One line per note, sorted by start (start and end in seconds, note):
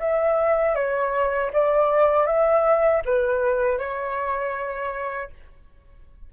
0.00 0.76 E5
0.76 1.52 C#5
1.53 2.27 D5
2.27 3.03 E5
3.06 3.79 B4
3.79 5.31 C#5